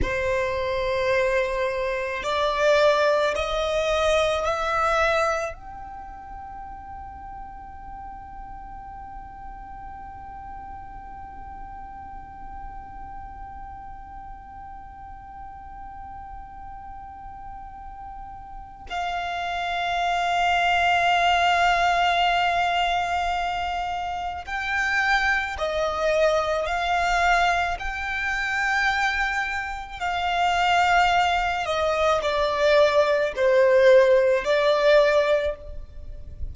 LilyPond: \new Staff \with { instrumentName = "violin" } { \time 4/4 \tempo 4 = 54 c''2 d''4 dis''4 | e''4 g''2.~ | g''1~ | g''1~ |
g''4 f''2.~ | f''2 g''4 dis''4 | f''4 g''2 f''4~ | f''8 dis''8 d''4 c''4 d''4 | }